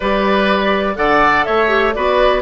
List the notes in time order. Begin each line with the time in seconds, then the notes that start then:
0.00 G3 G4 B4 D5
0.95 D3 A4 D5 F#5
1.44 A3 C#5 E5
1.68 G4
1.93 B3 F#4 B4 D5